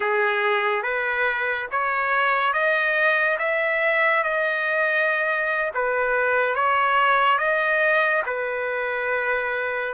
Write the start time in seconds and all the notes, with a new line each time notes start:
0.00 G#4
0.83 B4
1.71 C#5
2.53 D#5
3.38 E5
4.23 D#5
5.74 B4
6.55 C#5
7.38 D#5
8.25 B4